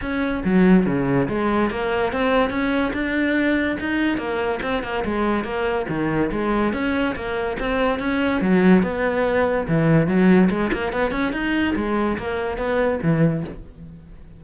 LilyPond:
\new Staff \with { instrumentName = "cello" } { \time 4/4 \tempo 4 = 143 cis'4 fis4 cis4 gis4 | ais4 c'4 cis'4 d'4~ | d'4 dis'4 ais4 c'8 ais8 | gis4 ais4 dis4 gis4 |
cis'4 ais4 c'4 cis'4 | fis4 b2 e4 | fis4 gis8 ais8 b8 cis'8 dis'4 | gis4 ais4 b4 e4 | }